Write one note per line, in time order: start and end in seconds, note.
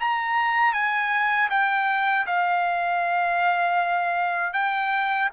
0.00 0.73 A#5
0.73 1.49 G#5
1.50 2.26 G5
2.26 4.53 F5
4.53 5.29 G5